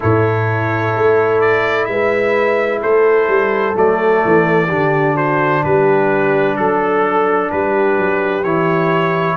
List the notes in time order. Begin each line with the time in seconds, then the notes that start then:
0.00 A2 E4 A4 C#5
0.95 A3
1.40 D5
1.85 G#3 B4 E5
2.81 A3 A4 C5
3.28 G3
3.74 F#3 A3 D5
4.25 E3
4.67 D3 D4 G4
5.14 F#4 C5
5.63 G3 G4 B4
6.56 F#3 A4
7.51 G3 G4 B4
7.97 F#3
8.43 E3 E4 C#5